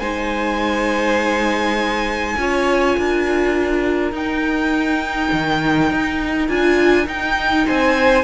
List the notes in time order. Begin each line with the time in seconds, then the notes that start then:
0.00 G#3 D#4 C5 G#5
2.38 C#4 F4 C#5
2.98 D4 A#4
4.12 D#4 G5
5.32 D#3
5.91 D#4
6.49 D4 F4 G#5
7.06 D#4 G5
7.67 C4 C5 G#5